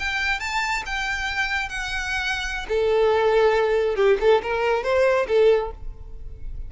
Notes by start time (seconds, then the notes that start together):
0.00 G5
0.40 A5
0.86 G5
1.70 F#5
2.69 A4
3.96 G4
4.21 A4
4.43 A#4
4.84 C5
5.28 A4